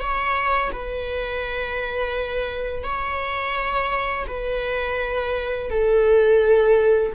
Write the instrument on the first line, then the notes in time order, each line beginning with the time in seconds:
viola
0.00 C#5
0.73 B4
2.83 C#5
4.27 B4
5.70 A4